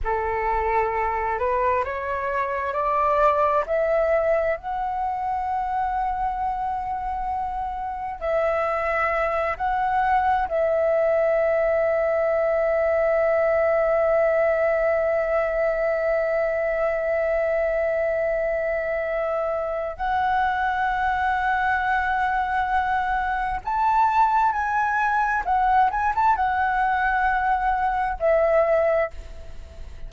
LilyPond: \new Staff \with { instrumentName = "flute" } { \time 4/4 \tempo 4 = 66 a'4. b'8 cis''4 d''4 | e''4 fis''2.~ | fis''4 e''4. fis''4 e''8~ | e''1~ |
e''1~ | e''2 fis''2~ | fis''2 a''4 gis''4 | fis''8 gis''16 a''16 fis''2 e''4 | }